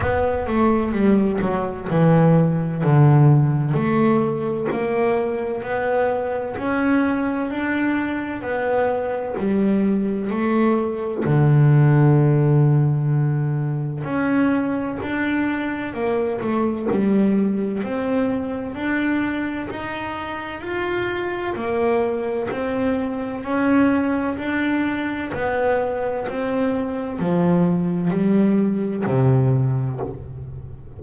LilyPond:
\new Staff \with { instrumentName = "double bass" } { \time 4/4 \tempo 4 = 64 b8 a8 g8 fis8 e4 d4 | a4 ais4 b4 cis'4 | d'4 b4 g4 a4 | d2. cis'4 |
d'4 ais8 a8 g4 c'4 | d'4 dis'4 f'4 ais4 | c'4 cis'4 d'4 b4 | c'4 f4 g4 c4 | }